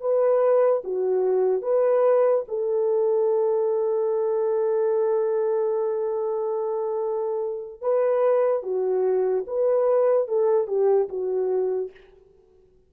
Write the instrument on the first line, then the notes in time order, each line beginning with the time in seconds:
horn
0.00 B4
0.84 F#4
1.62 B4
2.47 A4
7.81 B4
8.62 F#4
9.47 B4
10.28 A4
10.67 G4
11.08 F#4